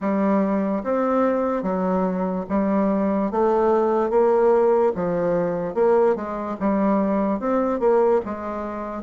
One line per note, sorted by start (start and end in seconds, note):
0.00 0.83 G3
0.83 1.63 C4
1.63 2.45 F#3
2.49 3.31 G3
3.31 4.10 A3
4.10 4.92 A#3
4.95 5.74 F3
5.74 6.15 A#3
6.15 6.56 G#3
6.59 7.39 G3
7.39 7.79 C4
7.79 8.20 A#3
8.25 9.02 G#3